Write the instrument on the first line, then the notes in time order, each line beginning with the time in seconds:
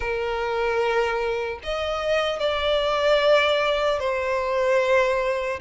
violin
0.00 A#4
1.63 D#5
2.39 D5
3.99 C5